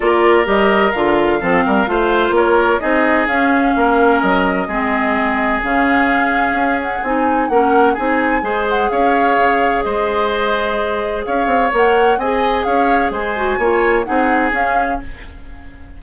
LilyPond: <<
  \new Staff \with { instrumentName = "flute" } { \time 4/4 \tempo 4 = 128 d''4 dis''4 f''2~ | f''4 cis''4 dis''4 f''4~ | f''4 dis''2. | f''2~ f''8 fis''8 gis''4 |
fis''4 gis''4. fis''8 f''4~ | f''4 dis''2. | f''4 fis''4 gis''4 f''4 | gis''2 fis''4 f''4 | }
  \new Staff \with { instrumentName = "oboe" } { \time 4/4 ais'2. a'8 ais'8 | c''4 ais'4 gis'2 | ais'2 gis'2~ | gis'1 |
ais'4 gis'4 c''4 cis''4~ | cis''4 c''2. | cis''2 dis''4 cis''4 | c''4 cis''4 gis'2 | }
  \new Staff \with { instrumentName = "clarinet" } { \time 4/4 f'4 g'4 f'4 c'4 | f'2 dis'4 cis'4~ | cis'2 c'2 | cis'2. dis'4 |
cis'4 dis'4 gis'2~ | gis'1~ | gis'4 ais'4 gis'2~ | gis'8 fis'8 f'4 dis'4 cis'4 | }
  \new Staff \with { instrumentName = "bassoon" } { \time 4/4 ais4 g4 d4 f8 g8 | a4 ais4 c'4 cis'4 | ais4 fis4 gis2 | cis2 cis'4 c'4 |
ais4 c'4 gis4 cis'4 | cis4 gis2. | cis'8 c'8 ais4 c'4 cis'4 | gis4 ais4 c'4 cis'4 | }
>>